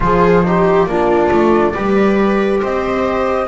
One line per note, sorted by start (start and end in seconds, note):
0.00 0.86 F3
0.00 0.43 F4
0.00 0.46 G#4
0.00 0.85 C5
0.44 0.87 D#4
0.44 0.89 G4
0.85 1.29 A#3
0.85 1.74 D4
0.85 1.73 F4
0.85 2.59 D5
1.31 1.74 A3
1.73 2.62 G3
1.73 3.47 G4
1.73 2.60 B4
2.60 3.47 C4
2.60 3.47 C5
2.60 3.47 D#5